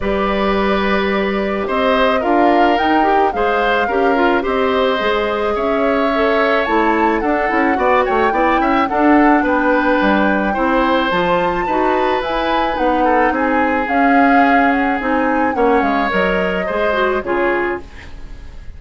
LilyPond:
<<
  \new Staff \with { instrumentName = "flute" } { \time 4/4 \tempo 4 = 108 d''2. dis''4 | f''4 g''4 f''2 | dis''2 e''2 | a''4 fis''4. g''4. |
fis''4 g''2. | a''2 gis''4 fis''4 | gis''4 f''4. fis''8 gis''4 | fis''8 f''8 dis''2 cis''4 | }
  \new Staff \with { instrumentName = "oboe" } { \time 4/4 b'2. c''4 | ais'2 c''4 ais'4 | c''2 cis''2~ | cis''4 a'4 d''8 cis''8 d''8 e''8 |
a'4 b'2 c''4~ | c''4 b'2~ b'8 a'8 | gis'1 | cis''2 c''4 gis'4 | }
  \new Staff \with { instrumentName = "clarinet" } { \time 4/4 g'1 | f'4 dis'8 g'8 gis'4 g'8 f'8 | g'4 gis'2 a'4 | e'4 d'8 e'8 fis'4 e'4 |
d'2. e'4 | f'4 fis'4 e'4 dis'4~ | dis'4 cis'2 dis'4 | cis'4 ais'4 gis'8 fis'8 f'4 | }
  \new Staff \with { instrumentName = "bassoon" } { \time 4/4 g2. c'4 | d'4 dis'4 gis4 cis'4 | c'4 gis4 cis'2 | a4 d'8 cis'8 b8 a8 b8 cis'8 |
d'4 b4 g4 c'4 | f4 dis'4 e'4 b4 | c'4 cis'2 c'4 | ais8 gis8 fis4 gis4 cis4 | }
>>